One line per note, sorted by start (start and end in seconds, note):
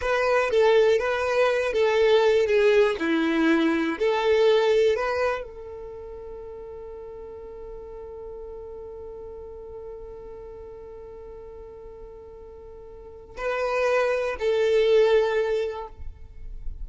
0.01 0.50 B4
0.50 0.98 A4
0.98 1.72 B4
1.72 2.46 A4
2.46 2.95 G#4
2.99 3.98 E4
3.98 4.96 A4
4.96 5.43 B4
5.43 13.36 A4
13.37 14.36 B4
14.39 15.87 A4